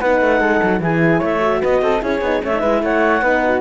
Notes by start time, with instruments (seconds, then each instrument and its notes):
0.00 cello B3, horn D#4, flute B4, clarinet F#5
0.20 cello A3
0.40 cello G#3, flute A4
0.62 cello F#3
0.80 cello E3, horn E4, flute G#4, clarinet G#5
1.19 cello A3, flute C#5, clarinet E5
1.39 horn F#4
1.61 cello B3, flute B4, clarinet D#5
1.81 cello C4, flute A4
2.00 cello C#4, horn E4, flute G#4, clarinet C#5
2.21 cello B3, horn D#4
2.42 cello A3, horn C#4, flute C#5, clarinet E5
2.53 horn D#4
2.60 cello G#3, horn E4, flute B4
2.82 cello A3, flute C#5, clarinet F#5
3.21 cello B3, horn D#4, flute B4
3.44 flute F#4